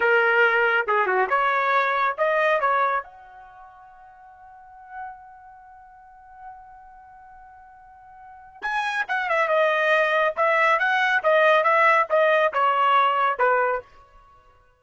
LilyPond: \new Staff \with { instrumentName = "trumpet" } { \time 4/4 \tempo 4 = 139 ais'2 gis'8 fis'8 cis''4~ | cis''4 dis''4 cis''4 fis''4~ | fis''1~ | fis''1~ |
fis''1 | gis''4 fis''8 e''8 dis''2 | e''4 fis''4 dis''4 e''4 | dis''4 cis''2 b'4 | }